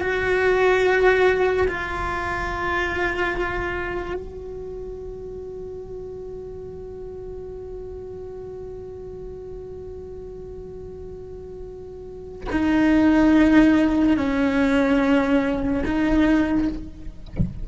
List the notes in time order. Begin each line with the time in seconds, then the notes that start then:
0.00 F#4
1.68 F4
4.14 F#4
12.51 D#4
14.16 C#4
15.84 D#4